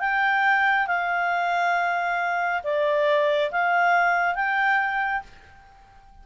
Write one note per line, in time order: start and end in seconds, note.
0.00 0.87 G5
0.87 2.63 F5
2.64 3.51 D5
3.52 4.35 F5
4.35 5.23 G5